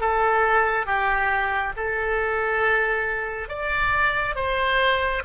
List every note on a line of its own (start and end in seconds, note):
0.00 0.86 A4
0.86 1.73 G4
1.76 3.49 A4
3.49 4.35 D5
4.35 5.22 C5